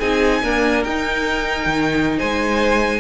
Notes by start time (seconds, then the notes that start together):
0.00 C4 D#4 G#4 G#5
0.43 A#3 D4 A#4
0.84 D#4 G5
1.66 D#3
2.17 G#3 C5 G#5